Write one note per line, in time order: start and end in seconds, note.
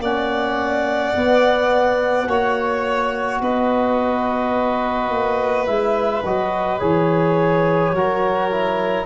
0.00 1.13 A#3
0.00 1.15 C#4
0.00 2.28 D5
0.00 3.42 F#5
1.15 2.28 B3
1.15 2.27 B3
2.27 3.40 A#3
2.27 5.67 F#4
2.27 3.42 C#5
3.41 5.11 B3
3.41 7.95 B4
3.41 5.66 D#5
5.11 5.67 A#3
5.66 6.24 G#3
5.66 6.24 E4
5.66 6.23 E5
6.25 6.81 F#3
6.25 6.80 F#4
6.25 6.81 D#5
6.80 7.93 E3
6.80 7.93 G#4
6.80 9.07 C#5
7.93 9.06 F#3
7.93 8.51 F#4
7.93 9.07 A#4
8.51 9.07 E4